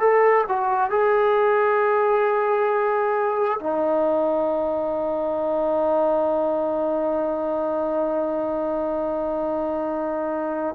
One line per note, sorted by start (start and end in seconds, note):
0.00 0.45 A4
0.48 0.91 F#4
0.91 3.59 G#4
3.60 10.75 D#4